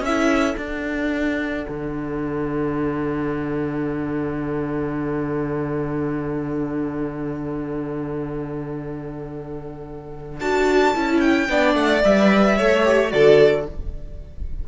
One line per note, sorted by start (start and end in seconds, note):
0.00 0.55 C#4
0.00 11.47 A4
0.00 0.58 E5
0.07 0.57 E4
0.57 1.66 D4
0.57 10.39 D4
0.57 10.40 F#5
1.69 10.41 D3
10.40 10.95 D4
10.40 10.94 F#4
10.40 11.20 A5
10.94 11.49 C#4
10.94 11.49 E4
11.20 11.75 G5
11.49 11.75 B3
11.49 12.03 D4
11.49 12.57 D5
11.75 12.02 A3
11.75 12.03 F#5
12.03 12.59 G3
12.03 12.57 B4
12.03 13.11 E5
12.57 13.13 A3
12.57 12.85 A4
12.57 13.12 C#5
12.85 13.10 G4
13.10 13.67 D3
13.10 13.64 F#4
13.10 13.68 A4
13.10 13.66 D5